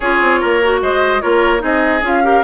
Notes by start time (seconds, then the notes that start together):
0.00 C#4 F4 G#4 C#5
0.21 C4
0.39 A#3 A#4
0.63 F#4
0.82 G#3 C5 D#5
1.21 A#3 F4 A#4 C#5
1.59 C4 D#4 G#4 D#5
2.02 C#4 F4 F5
2.23 G4 A#4